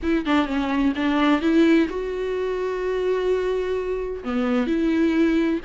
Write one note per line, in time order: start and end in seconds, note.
0.02 0.25 E4
0.25 0.46 D4
0.46 0.92 C#4
0.95 1.41 D4
1.41 1.87 E4
1.89 4.23 F#4
4.24 4.66 B3
4.66 5.60 E4